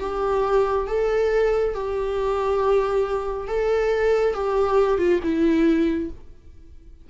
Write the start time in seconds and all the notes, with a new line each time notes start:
0.00 G4
0.87 A4
1.74 G4
3.47 A4
4.34 G4
4.98 F4
5.23 E4